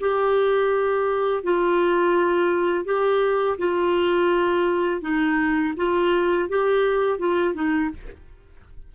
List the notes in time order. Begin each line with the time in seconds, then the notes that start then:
0.00 G4
1.43 F4
2.85 G4
3.58 F4
5.01 D#4
5.76 F4
6.49 G4
7.18 F4
7.54 D#4